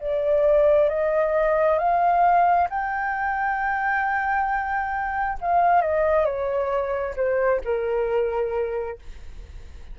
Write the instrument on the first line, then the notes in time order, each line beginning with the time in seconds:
flute
0.00 D5
0.90 D#5
1.79 F5
2.70 G5
5.41 F5
5.82 D#5
6.26 C#5
7.16 C5
7.64 A#4